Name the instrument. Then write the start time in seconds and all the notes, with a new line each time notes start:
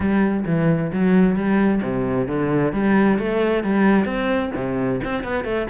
cello
0.00 G3
0.46 E3
0.92 F#3
1.35 G3
1.82 C3
2.27 D3
2.73 G3
3.18 A3
3.63 G3
4.05 C4
4.55 C3
5.04 C4
5.23 B3
5.44 A3